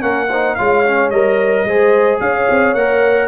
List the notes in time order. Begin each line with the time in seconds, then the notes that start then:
0.00 A#3 C#4 A#4 F#5
0.30 D#4 C5
0.55 G#3 F4 C#5 F5
0.85 C#4
1.09 G3 A#4 D#5
1.64 G#3 G#4 C5
2.20 C#4 C#5 F5
2.49 C4
2.73 A#3 A#4 F#5